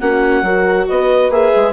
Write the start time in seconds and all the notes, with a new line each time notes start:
0.00 A#3 C#4 F#4 F#5
0.42 F#3 F#4 A#4
0.88 B3 B4 D#5
1.29 A#3 G#4 E5
1.56 G#3